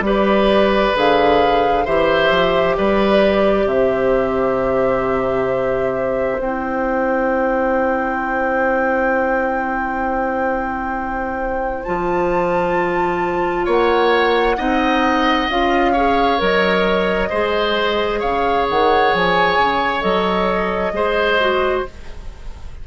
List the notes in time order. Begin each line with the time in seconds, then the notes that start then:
0.00 G3 G4 B4 D5
0.95 D3 G#4 F5
1.85 E3 G4 C5 E5
2.30 F3
2.77 G3 B4 D5
3.66 C3 C5 E5
6.39 C4 E4 G5
11.84 F3 F4 A5
13.65 A#3 C#5 F#5
14.57 C4 D#4 D#5
15.49 C#4 F4 F5
15.92 G#4 C#5
16.38 F#3 A#4 D#5
17.30 G#3 G#4 C5
18.20 C#3 C#5 F5
18.69 D#3 F#5
19.14 F3 G#5
19.58 C#3
20.01 F#3 A4 D#5
20.92 G#3 G#4 C5
21.40 F#4